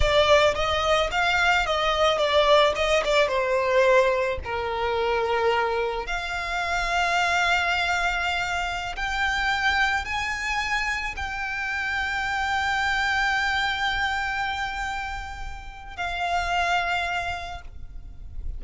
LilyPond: \new Staff \with { instrumentName = "violin" } { \time 4/4 \tempo 4 = 109 d''4 dis''4 f''4 dis''4 | d''4 dis''8 d''8 c''2 | ais'2. f''4~ | f''1~ |
f''16 g''2 gis''4.~ gis''16~ | gis''16 g''2.~ g''8.~ | g''1~ | g''4 f''2. | }